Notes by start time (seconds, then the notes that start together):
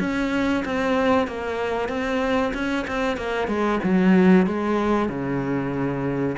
0.00 C#4
0.65 C4
1.28 A#3
1.89 C4
2.54 C#4
2.88 C4
3.17 A#3
3.48 G#3
3.84 F#3
4.47 G#3
5.09 C#3